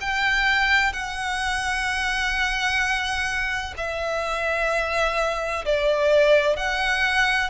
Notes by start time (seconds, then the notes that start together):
0.00 G5
0.92 F#5
3.77 E5
5.65 D5
6.56 F#5